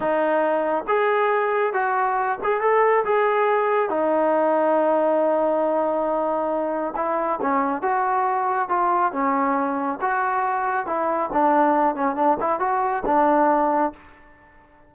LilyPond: \new Staff \with { instrumentName = "trombone" } { \time 4/4 \tempo 4 = 138 dis'2 gis'2 | fis'4. gis'8 a'4 gis'4~ | gis'4 dis'2.~ | dis'1 |
e'4 cis'4 fis'2 | f'4 cis'2 fis'4~ | fis'4 e'4 d'4. cis'8 | d'8 e'8 fis'4 d'2 | }